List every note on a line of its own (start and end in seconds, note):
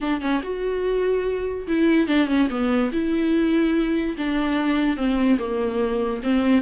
0.00 0.21 D4
0.21 0.41 C#4
0.43 1.67 F#4
1.67 2.07 E4
2.07 2.27 D4
2.27 2.48 C#4
2.50 2.91 B3
2.92 4.16 E4
4.17 4.96 D4
4.96 5.38 C4
5.38 6.21 A#3
6.23 6.61 C4